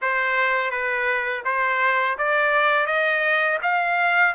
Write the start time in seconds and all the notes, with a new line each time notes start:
0.01 C5
0.70 B4
1.45 C5
2.18 D5
2.86 D#5
3.62 F5